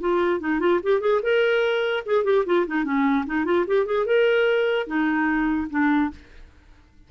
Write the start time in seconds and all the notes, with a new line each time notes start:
0.00 F4
0.40 D#4
0.60 F4
0.83 G4
1.00 G#4
1.23 A#4
2.06 G#4
2.24 G4
2.46 F4
2.67 D#4
2.84 C#4
3.26 D#4
3.45 F4
3.67 G4
3.86 G#4
4.06 A#4
4.87 D#4
5.70 D4